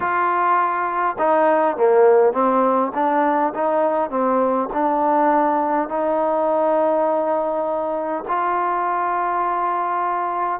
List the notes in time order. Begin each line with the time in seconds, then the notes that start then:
0.00 F4
1.18 D#4
1.76 A#3
2.33 C4
2.94 D4
3.54 D#4
4.10 C4
4.73 D4
5.88 D#4
8.27 F4